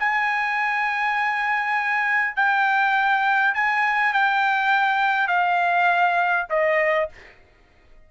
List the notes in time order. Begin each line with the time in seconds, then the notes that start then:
0.00 G#5
2.37 G5
3.55 G#5
4.14 G5
5.28 F5
6.50 D#5